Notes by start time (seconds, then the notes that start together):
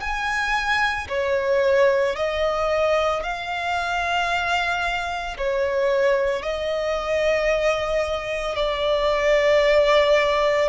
0.00 G#5
1.08 C#5
2.15 D#5
3.22 F5
5.37 C#5
6.42 D#5
8.55 D5